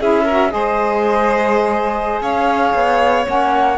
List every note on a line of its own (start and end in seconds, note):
0.00 0.53 C#4
0.00 0.27 E4
0.00 0.24 G#4
0.00 0.50 E5
0.24 0.49 F#4
0.24 0.50 A#4
0.49 2.21 G#3
0.49 3.23 G#4
0.49 2.22 C5
0.49 2.20 D#5
2.21 2.73 C#4
2.21 3.78 C#5
2.21 3.26 F5
2.74 3.26 B3
3.25 3.78 A#3
3.25 3.77 C#4
3.25 3.78 F#5